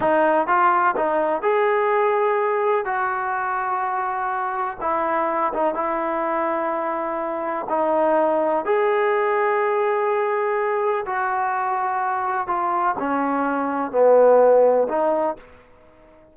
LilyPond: \new Staff \with { instrumentName = "trombone" } { \time 4/4 \tempo 4 = 125 dis'4 f'4 dis'4 gis'4~ | gis'2 fis'2~ | fis'2 e'4. dis'8 | e'1 |
dis'2 gis'2~ | gis'2. fis'4~ | fis'2 f'4 cis'4~ | cis'4 b2 dis'4 | }